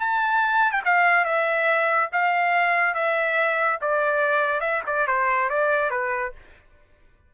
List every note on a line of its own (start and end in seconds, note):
0.00 0.72 A5
0.72 0.82 G5
0.85 1.25 F5
1.25 2.10 E5
2.13 2.95 F5
2.95 3.79 E5
3.82 4.61 D5
4.61 4.82 E5
4.87 5.08 D5
5.08 5.50 C5
5.50 5.91 D5
5.91 6.33 B4